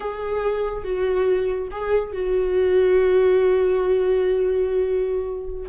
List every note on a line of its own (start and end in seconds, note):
0.00 0.84 G#4
0.84 1.68 F#4
1.71 2.12 G#4
2.12 5.69 F#4